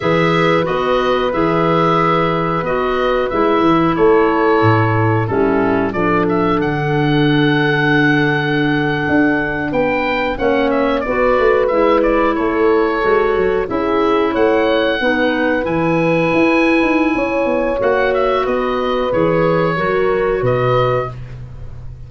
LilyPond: <<
  \new Staff \with { instrumentName = "oboe" } { \time 4/4 \tempo 4 = 91 e''4 dis''4 e''2 | dis''4 e''4 cis''2 | a'4 d''8 e''8 fis''2~ | fis''2~ fis''8. g''4 fis''16~ |
fis''16 e''8 d''4 e''8 d''8 cis''4~ cis''16~ | cis''8. e''4 fis''2 gis''16~ | gis''2. fis''8 e''8 | dis''4 cis''2 dis''4 | }
  \new Staff \with { instrumentName = "horn" } { \time 4/4 b'1~ | b'2 a'2 | e'4 a'2.~ | a'2~ a'8. b'4 cis''16~ |
cis''8. b'2 a'4~ a'16~ | a'8. gis'4 cis''4 b'4~ b'16~ | b'2 cis''2 | b'2 ais'4 b'4 | }
  \new Staff \with { instrumentName = "clarinet" } { \time 4/4 gis'4 fis'4 gis'2 | fis'4 e'2. | cis'4 d'2.~ | d'2.~ d'8. cis'16~ |
cis'8. fis'4 e'2 fis'16~ | fis'8. e'2 dis'4 e'16~ | e'2. fis'4~ | fis'4 gis'4 fis'2 | }
  \new Staff \with { instrumentName = "tuba" } { \time 4/4 e4 b4 e2 | b4 gis8 e8 a4 a,4 | g4 f4 d2~ | d4.~ d16 d'4 b4 ais16~ |
ais8. b8 a8 gis4 a4 gis16~ | gis16 fis8 cis'4 a4 b4 e16~ | e8. e'8. dis'8 cis'8 b8 ais4 | b4 e4 fis4 b,4 | }
>>